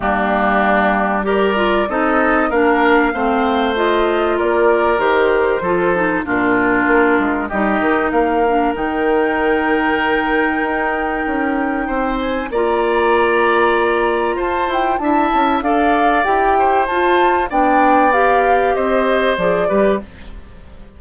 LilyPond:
<<
  \new Staff \with { instrumentName = "flute" } { \time 4/4 \tempo 4 = 96 g'2 d''4 dis''4 | f''2 dis''4 d''4 | c''2 ais'2 | dis''4 f''4 g''2~ |
g''2.~ g''8 gis''8 | ais''2. a''8 g''8 | a''4 f''4 g''4 a''4 | g''4 f''4 dis''4 d''4 | }
  \new Staff \with { instrumentName = "oboe" } { \time 4/4 d'2 ais'4 a'4 | ais'4 c''2 ais'4~ | ais'4 a'4 f'2 | g'4 ais'2.~ |
ais'2. c''4 | d''2. c''4 | e''4 d''4. c''4. | d''2 c''4. b'8 | }
  \new Staff \with { instrumentName = "clarinet" } { \time 4/4 ais2 g'8 f'8 dis'4 | d'4 c'4 f'2 | g'4 f'8 dis'8 d'2 | dis'4. d'8 dis'2~ |
dis'1 | f'1 | e'4 a'4 g'4 f'4 | d'4 g'2 gis'8 g'8 | }
  \new Staff \with { instrumentName = "bassoon" } { \time 4/4 g2. c'4 | ais4 a2 ais4 | dis4 f4 ais,4 ais8 gis8 | g8 dis8 ais4 dis2~ |
dis4 dis'4 cis'4 c'4 | ais2. f'8 e'8 | d'8 cis'8 d'4 e'4 f'4 | b2 c'4 f8 g8 | }
>>